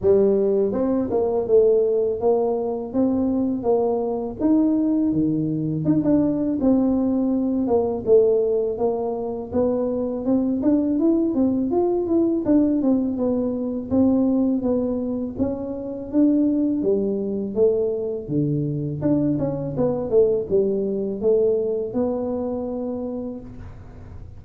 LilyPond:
\new Staff \with { instrumentName = "tuba" } { \time 4/4 \tempo 4 = 82 g4 c'8 ais8 a4 ais4 | c'4 ais4 dis'4 dis4 | dis'16 d'8. c'4. ais8 a4 | ais4 b4 c'8 d'8 e'8 c'8 |
f'8 e'8 d'8 c'8 b4 c'4 | b4 cis'4 d'4 g4 | a4 d4 d'8 cis'8 b8 a8 | g4 a4 b2 | }